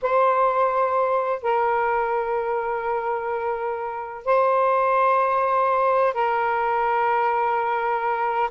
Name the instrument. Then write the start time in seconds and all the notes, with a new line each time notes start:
saxophone
0.02 C5
1.42 A#4
4.25 C5
6.13 A#4